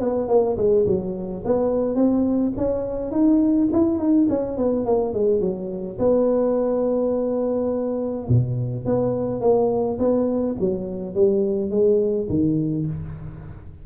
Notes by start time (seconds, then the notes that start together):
0.00 B3
0.28 A#3
0.57 G#3
0.86 F#3
1.45 B3
1.95 C4
2.57 C#4
3.12 D#4
3.72 E4
3.99 D#4
4.30 C#4
4.58 B3
4.86 A#3
5.14 G#3
5.41 F#3
5.99 B3
8.29 B2
8.85 B3
9.41 A#3
9.99 B3
10.60 F#3
11.15 G3
11.71 G#3
12.29 D#3